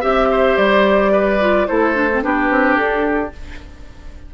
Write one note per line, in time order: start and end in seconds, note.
0.00 0.57 C4
0.00 1.39 G4
0.00 0.28 E5
0.00 0.57 E5
0.31 1.12 C5
0.57 1.67 G3
0.57 1.67 D5
1.12 1.67 B4
1.40 1.67 F4
1.67 2.23 A3
1.67 1.94 E4
1.67 2.24 A4
1.67 2.22 C5
1.94 2.08 D4
2.13 2.23 C4
2.23 2.50 B3
2.23 3.33 D4
2.23 3.34 G4
2.23 2.76 B4
2.50 2.77 C4
2.76 3.32 D4
2.76 3.31 A4